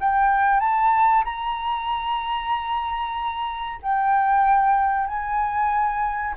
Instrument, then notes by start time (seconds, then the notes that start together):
flute
0.00 G5
0.60 A5
1.24 A#5
3.82 G5
5.07 G#5